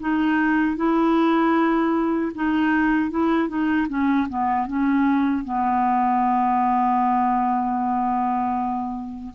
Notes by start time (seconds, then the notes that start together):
0.00 D#4
0.77 E4
2.35 D#4
3.11 E4
3.49 D#4
3.89 C#4
4.29 B3
4.67 C#4
5.45 B3